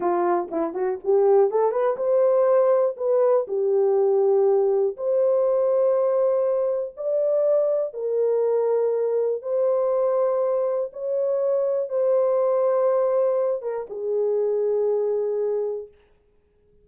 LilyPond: \new Staff \with { instrumentName = "horn" } { \time 4/4 \tempo 4 = 121 f'4 e'8 fis'8 g'4 a'8 b'8 | c''2 b'4 g'4~ | g'2 c''2~ | c''2 d''2 |
ais'2. c''4~ | c''2 cis''2 | c''2.~ c''8 ais'8 | gis'1 | }